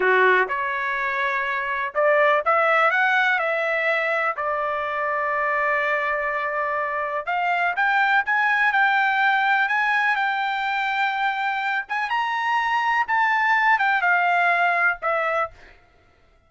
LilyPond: \new Staff \with { instrumentName = "trumpet" } { \time 4/4 \tempo 4 = 124 fis'4 cis''2. | d''4 e''4 fis''4 e''4~ | e''4 d''2.~ | d''2. f''4 |
g''4 gis''4 g''2 | gis''4 g''2.~ | g''8 gis''8 ais''2 a''4~ | a''8 g''8 f''2 e''4 | }